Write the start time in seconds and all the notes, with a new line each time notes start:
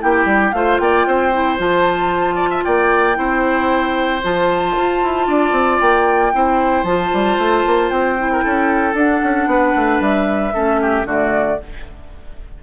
0.00 A#3 E4 G4 G5
0.25 G3
0.52 A3 F4 C5 F5
0.79 A#3 D5 G5
1.07 C4 C5
1.33 E4
1.58 F3 F4 A5
2.36 D5
2.51 E5
2.64 A#3 D5 G5
3.15 C4 E4 C5
4.24 F3 F4 A5
4.78 F4
5.03 E4
5.27 D4 D5
5.52 C4
5.80 A#3 G5
6.34 C4 E4 C5
6.84 F3 F4 A5
7.14 G3
7.38 A3
7.67 A#3
7.90 C4 G5
8.19 E4
8.33 A#4
8.44 C#4 A4
8.94 D4 F#5
9.24 C#4
9.47 B3 B4
9.76 A3
10.01 G3 E5
10.54 A3 C#4 A4
10.82 G4
11.05 D3 A3 F#4 D5